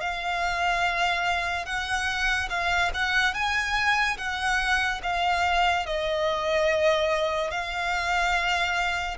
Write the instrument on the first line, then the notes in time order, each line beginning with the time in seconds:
violin
0.00 F5
1.65 F#5
2.49 F5
2.94 F#5
3.34 G#5
4.17 F#5
5.03 F5
5.86 D#5
7.50 F5